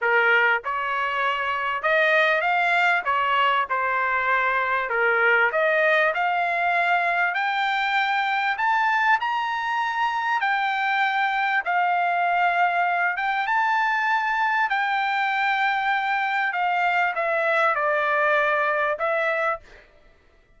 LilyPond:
\new Staff \with { instrumentName = "trumpet" } { \time 4/4 \tempo 4 = 98 ais'4 cis''2 dis''4 | f''4 cis''4 c''2 | ais'4 dis''4 f''2 | g''2 a''4 ais''4~ |
ais''4 g''2 f''4~ | f''4. g''8 a''2 | g''2. f''4 | e''4 d''2 e''4 | }